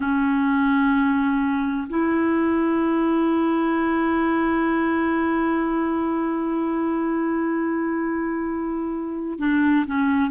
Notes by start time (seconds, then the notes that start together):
0.00 C#4
1.89 E4
9.38 D4
9.86 C#4